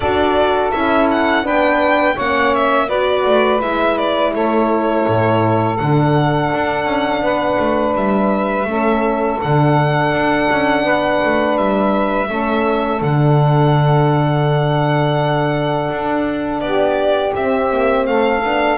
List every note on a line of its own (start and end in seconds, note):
0.00 0.71 D4
0.00 0.72 F#4
0.00 1.44 A4
0.00 0.70 D5
0.71 1.43 C#4
0.71 1.43 E4
0.71 1.07 E5
1.11 1.47 F#5
1.43 2.15 B3
1.43 2.15 D4
1.43 2.14 B4
1.43 2.18 G5
2.14 2.88 A#3
2.14 2.88 C#4
2.14 2.86 C#5
2.14 2.54 F#5
2.54 2.89 E5
2.88 3.25 B3
2.88 3.59 F#4
2.88 4.32 B4
2.88 3.61 D5
3.25 3.61 A3
3.59 4.34 G#3
3.59 5.76 E4
3.59 3.97 E5
3.97 4.33 D5
4.33 5.06 A3
4.33 7.22 A4
4.33 5.76 C#5
5.07 5.79 A2
5.76 6.52 D3
5.76 8.68 D4
5.76 7.93 F#5
6.54 6.84 D4
6.84 7.21 C#4
7.21 7.57 B3
7.21 8.67 B4
7.58 7.95 A3
7.95 8.64 G3
7.95 9.40 E5
8.64 9.37 A3
8.64 9.39 C#4
8.64 10.84 A4
9.39 10.11 D3
9.39 12.28 D4
9.39 11.57 F#5
10.11 10.48 D4
10.51 10.83 C#4
10.83 11.19 B3
10.83 12.28 B4
11.24 11.57 A3
11.57 12.29 G3
11.57 13.02 E5
12.28 13.01 A3
12.28 13.00 C#4
12.28 16.62 A4
13.01 15.90 D3
13.01 17.34 D4
13.01 16.60 F#5
15.90 16.60 D4
16.60 17.32 B3
16.60 18.07 G4
16.60 17.32 D5
17.34 18.42 C4
17.34 17.71 C4
17.34 18.06 E5
17.71 18.07 A#3
18.06 18.43 A3
18.06 18.78 A4
18.06 18.78 F5
18.43 18.78 B3
18.43 18.78 D4